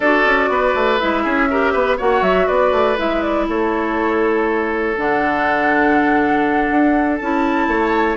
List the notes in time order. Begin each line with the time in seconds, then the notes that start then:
0.00 D4 F#4 A4 D5
0.24 C#4
0.48 B3 B4
0.75 A3
0.98 G#3 E4 E5
1.23 C#4 G#4
1.50 G4 A#4
1.72 B3 B4
1.97 A#3 F#4 C#5 F#5
2.21 F#3 E5
2.46 B3 B4 D5
2.71 A3
2.96 G#3 E4 E5
3.21 D5
3.48 A3 A4 C#5
4.97 D3 D4 F#5
6.70 D4
7.16 C#4 E4 A5
7.67 A3 C#5